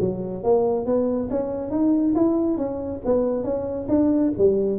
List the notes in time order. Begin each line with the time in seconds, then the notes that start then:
0.00 F#3
0.43 A#3
0.86 B3
1.30 C#4
1.71 D#4
2.15 E4
2.58 C#4
3.05 B3
3.44 C#4
3.89 D4
4.38 G3